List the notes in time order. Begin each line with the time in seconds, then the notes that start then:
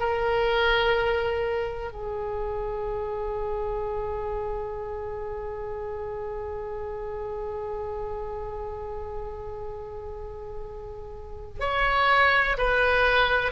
0.00 A#4
1.93 G#4
11.61 C#5
12.58 B4